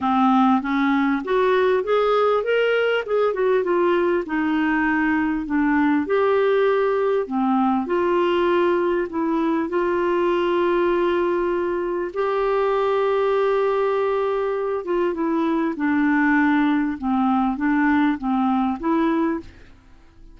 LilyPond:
\new Staff \with { instrumentName = "clarinet" } { \time 4/4 \tempo 4 = 99 c'4 cis'4 fis'4 gis'4 | ais'4 gis'8 fis'8 f'4 dis'4~ | dis'4 d'4 g'2 | c'4 f'2 e'4 |
f'1 | g'1~ | g'8 f'8 e'4 d'2 | c'4 d'4 c'4 e'4 | }